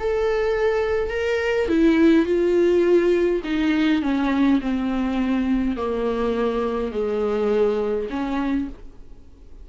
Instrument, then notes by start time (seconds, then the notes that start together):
viola
0.00 A4
1.10 A#4
1.69 E4
2.26 F4
3.44 D#4
4.02 C#4
4.62 C4
5.77 A#3
6.92 G#3
8.11 C#4